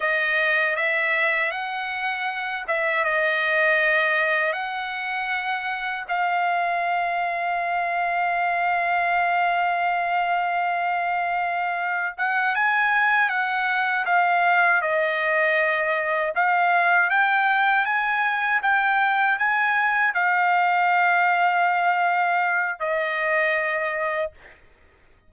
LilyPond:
\new Staff \with { instrumentName = "trumpet" } { \time 4/4 \tempo 4 = 79 dis''4 e''4 fis''4. e''8 | dis''2 fis''2 | f''1~ | f''1 |
fis''8 gis''4 fis''4 f''4 dis''8~ | dis''4. f''4 g''4 gis''8~ | gis''8 g''4 gis''4 f''4.~ | f''2 dis''2 | }